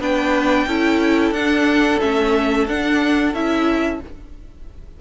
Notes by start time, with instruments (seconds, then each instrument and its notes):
0.00 cello B3, viola D4, violin B4 G5
0.67 cello C#4, viola E4, violin A4
1.31 cello D4, viola D4, violin F#5
2.01 cello A3, viola C#4, violin E5
2.68 cello D4, viola D4, violin F#5
3.34 cello C#4, viola E4, violin E5